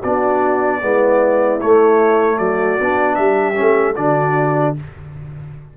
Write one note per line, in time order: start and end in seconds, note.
0.00 0.83 B3
0.00 0.81 D4
0.00 0.79 F#4
0.00 1.61 D5
0.81 1.62 G#3
0.81 1.60 B3
0.81 2.38 E4
1.61 2.80 A3
1.61 2.39 A3
1.61 2.39 C#5
2.38 2.78 F#3
2.38 3.17 F#4
2.38 3.15 D5
2.80 3.18 B3
2.80 3.55 D4
3.15 3.58 G3
3.15 3.97 G4
3.15 3.94 E5
3.55 3.98 A3
3.55 3.94 C#4
3.96 4.77 D3
3.96 4.76 D4
3.96 4.75 F#4
3.96 4.75 D5